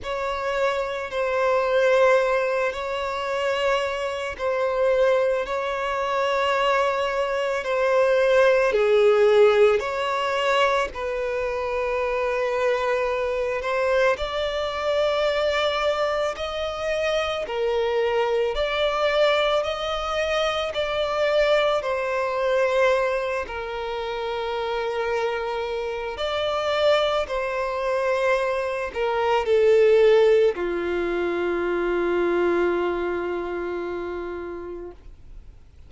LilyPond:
\new Staff \with { instrumentName = "violin" } { \time 4/4 \tempo 4 = 55 cis''4 c''4. cis''4. | c''4 cis''2 c''4 | gis'4 cis''4 b'2~ | b'8 c''8 d''2 dis''4 |
ais'4 d''4 dis''4 d''4 | c''4. ais'2~ ais'8 | d''4 c''4. ais'8 a'4 | f'1 | }